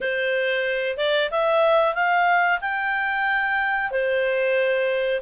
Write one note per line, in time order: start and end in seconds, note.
0.00 0.97 C5
0.97 1.30 D5
1.30 1.94 E5
1.94 2.59 F5
2.61 3.90 G5
3.90 5.21 C5